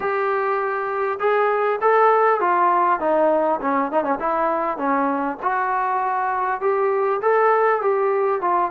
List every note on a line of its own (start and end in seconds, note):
0.00 1.18 G4
1.19 1.79 G#4
1.81 2.40 A4
2.40 2.99 F4
2.99 3.59 D#4
3.61 3.91 C#4
3.91 4.03 D#4
4.03 4.18 C#4
4.19 4.77 E4
4.77 5.37 C#4
5.42 6.60 F#4
6.60 7.20 G4
7.21 7.81 A4
7.81 8.41 G4
8.41 8.71 F4